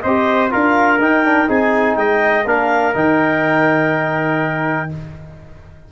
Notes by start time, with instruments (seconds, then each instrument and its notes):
0.00 tuba C4, trumpet C5, clarinet D#5
0.07 trombone G4
0.49 tuba D4, trombone F4, trumpet A#4, clarinet F5
0.99 tuba D#4, trombone D#4, clarinet G5
1.24 trombone D4
1.47 tuba C4, trombone D#4, trumpet G#4, clarinet G#5
1.95 tuba G#3, trumpet D#5, clarinet G5
2.44 tuba A#3, trombone D4, trumpet A#4, clarinet F5
2.93 tuba D#3, trombone D#4, clarinet G5